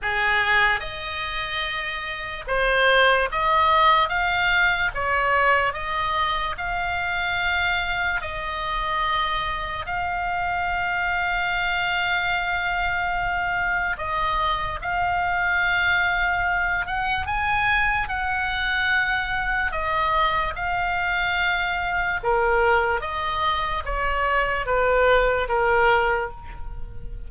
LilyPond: \new Staff \with { instrumentName = "oboe" } { \time 4/4 \tempo 4 = 73 gis'4 dis''2 c''4 | dis''4 f''4 cis''4 dis''4 | f''2 dis''2 | f''1~ |
f''4 dis''4 f''2~ | f''8 fis''8 gis''4 fis''2 | dis''4 f''2 ais'4 | dis''4 cis''4 b'4 ais'4 | }